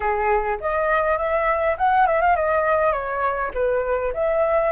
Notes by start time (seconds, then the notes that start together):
0.00 G#4
0.60 D#5
1.17 E5
1.77 F#5
2.06 E5
2.21 F5
2.35 D#5
2.92 C#5
3.54 B4
4.13 E5